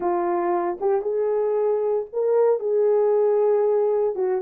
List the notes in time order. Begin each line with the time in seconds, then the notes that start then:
0.00 F4
0.80 G4
1.01 G#4
2.12 A#4
2.59 G#4
4.15 F#4